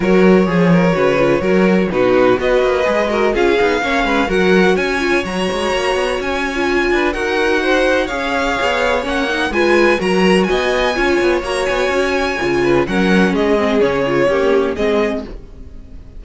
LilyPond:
<<
  \new Staff \with { instrumentName = "violin" } { \time 4/4 \tempo 4 = 126 cis''1 | b'4 dis''2 f''4~ | f''4 fis''4 gis''4 ais''4~ | ais''4 gis''2 fis''4~ |
fis''4 f''2 fis''4 | gis''4 ais''4 gis''2 | ais''8 gis''2~ gis''8 fis''4 | dis''4 cis''2 dis''4 | }
  \new Staff \with { instrumentName = "violin" } { \time 4/4 ais'4 gis'8 ais'8 b'4 ais'4 | fis'4 b'4. ais'8 gis'4 | cis''8 b'8 ais'4 cis''2~ | cis''2~ cis''8 b'8 ais'4 |
c''4 cis''2. | b'4 ais'4 dis''4 cis''4~ | cis''2~ cis''8 b'8 ais'4 | gis'2 g'4 gis'4 | }
  \new Staff \with { instrumentName = "viola" } { \time 4/4 fis'4 gis'4 fis'8 f'8 fis'4 | dis'4 fis'4 gis'8 fis'8 f'8 dis'8 | cis'4 fis'4. f'8 fis'4~ | fis'4.~ fis'16 f'4~ f'16 fis'4~ |
fis'4 gis'2 cis'8 dis'8 | f'4 fis'2 f'4 | fis'2 f'4 cis'4~ | cis'8 c'8 cis'8 f'8 ais4 c'4 | }
  \new Staff \with { instrumentName = "cello" } { \time 4/4 fis4 f4 cis4 fis4 | b,4 b8 ais8 gis4 cis'8 b8 | ais8 gis8 fis4 cis'4 fis8 gis8 | ais8 b8 cis'4. d'8 dis'4~ |
dis'4 cis'4 b4 ais4 | gis4 fis4 b4 cis'8 b8 | ais8 b8 cis'4 cis4 fis4 | gis4 cis4 cis'4 gis4 | }
>>